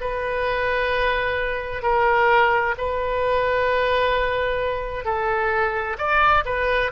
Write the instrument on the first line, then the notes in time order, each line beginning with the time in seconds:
oboe
0.00 B4
1.82 A#4
2.77 B4
5.04 A4
5.97 D5
6.45 B4